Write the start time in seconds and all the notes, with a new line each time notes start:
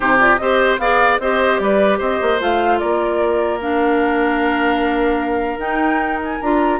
0.00 C3 D#4 G4 C5
0.19 F4 D5
0.36 C4 G4 C5 D#5
0.78 B3 G#4 D5 F5
1.19 C4 G4 C5 D#5
1.59 G3 B4 D5
1.98 C4 C5 D#5
2.21 A#3
2.39 A3 F4 F5
2.79 A#3 A#4 D5
3.61 D4 F5
5.57 D#4 G5
6.24 G#5
6.41 D4 F4 A#5